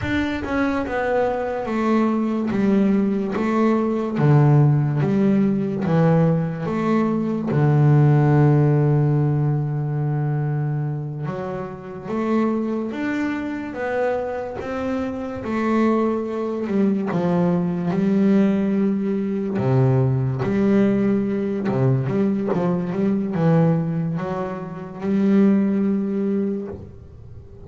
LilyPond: \new Staff \with { instrumentName = "double bass" } { \time 4/4 \tempo 4 = 72 d'8 cis'8 b4 a4 g4 | a4 d4 g4 e4 | a4 d2.~ | d4. fis4 a4 d'8~ |
d'8 b4 c'4 a4. | g8 f4 g2 c8~ | c8 g4. c8 g8 f8 g8 | e4 fis4 g2 | }